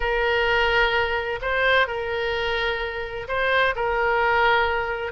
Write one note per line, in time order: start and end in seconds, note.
0.00 1.39 A#4
1.41 1.87 C5
1.87 3.27 A#4
3.28 3.75 C5
3.75 5.12 A#4